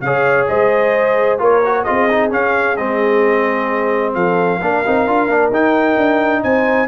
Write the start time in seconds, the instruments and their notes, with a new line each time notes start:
0.00 tuba C#3, trombone G#4, horn C#5, trumpet F5
0.47 tuba G#3, horn C5, trumpet D#5
1.38 tuba A#3, trombone F4, horn A#4, trumpet C#5
1.64 trombone F#4
1.83 tuba C4, trombone F4, horn G#4, trumpet D#5
2.10 trombone D#4
2.30 trombone C#4, tuba C#4, trumpet F5
2.76 tuba G#3, trombone C4, trumpet D#5
4.14 tuba F3, horn A4, trumpet F5
4.58 tuba A#3, trombone D4, horn A#4
4.85 tuba C4, trombone D#4
5.06 tuba D4, trombone F4
5.28 tuba A#3, trombone D4
5.50 tuba D#4, trombone D#4, trumpet G5
5.97 tuba D4
6.43 tuba C4, horn C5, trumpet G#5